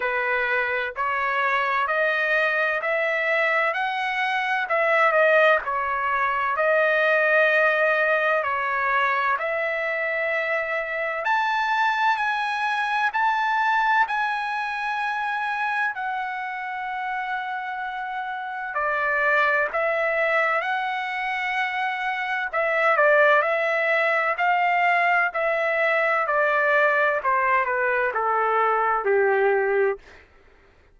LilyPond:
\new Staff \with { instrumentName = "trumpet" } { \time 4/4 \tempo 4 = 64 b'4 cis''4 dis''4 e''4 | fis''4 e''8 dis''8 cis''4 dis''4~ | dis''4 cis''4 e''2 | a''4 gis''4 a''4 gis''4~ |
gis''4 fis''2. | d''4 e''4 fis''2 | e''8 d''8 e''4 f''4 e''4 | d''4 c''8 b'8 a'4 g'4 | }